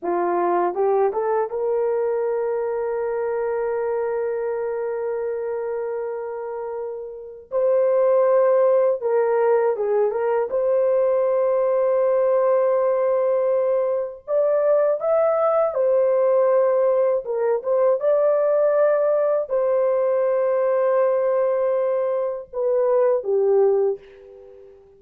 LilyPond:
\new Staff \with { instrumentName = "horn" } { \time 4/4 \tempo 4 = 80 f'4 g'8 a'8 ais'2~ | ais'1~ | ais'2 c''2 | ais'4 gis'8 ais'8 c''2~ |
c''2. d''4 | e''4 c''2 ais'8 c''8 | d''2 c''2~ | c''2 b'4 g'4 | }